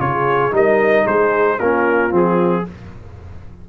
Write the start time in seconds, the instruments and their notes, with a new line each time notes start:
0.00 tuba C#3, trombone F4, horn G#4, trumpet C#5
0.52 tuba G3, trombone D#4, horn A#4, trumpet D#5
1.05 tuba G#3, horn G#4, trumpet C5
1.60 tuba A#3, trombone C#4, horn F4, trumpet A#4
2.11 tuba F3, trombone C4, trumpet G#4